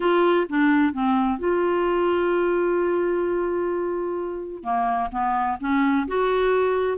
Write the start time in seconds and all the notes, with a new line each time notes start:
0.00 F4
0.49 D4
0.93 C4
1.38 F4
4.63 A#3
5.11 B3
5.60 C#4
6.07 F#4